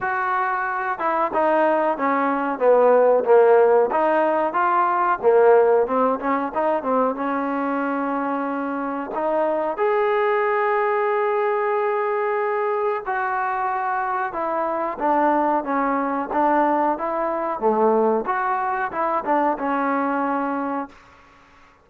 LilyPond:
\new Staff \with { instrumentName = "trombone" } { \time 4/4 \tempo 4 = 92 fis'4. e'8 dis'4 cis'4 | b4 ais4 dis'4 f'4 | ais4 c'8 cis'8 dis'8 c'8 cis'4~ | cis'2 dis'4 gis'4~ |
gis'1 | fis'2 e'4 d'4 | cis'4 d'4 e'4 a4 | fis'4 e'8 d'8 cis'2 | }